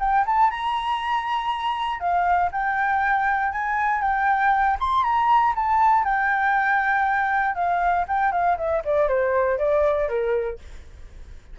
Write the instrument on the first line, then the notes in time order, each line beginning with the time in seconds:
flute
0.00 G5
0.26 A5
0.50 A#5
2.00 F5
2.52 G5
3.52 G#5
4.01 G5
4.80 C6
5.03 A#5
5.56 A5
6.04 G5
7.55 F5
8.08 G5
8.32 F5
8.58 E5
8.85 D5
9.08 C5
9.58 D5
10.09 A#4